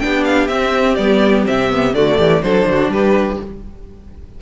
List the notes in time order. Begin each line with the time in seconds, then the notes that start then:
0.00 B3 D4 G4 G5
0.25 F5
0.48 C4 E5
0.95 G3 B3 D5
1.46 C3 C4 E5
1.70 B3
1.95 D3 A3 F#4 D5
2.18 E3 G4
2.43 F#3 D4 A4 C5
2.67 D3 F#4
2.89 G3 G4 B4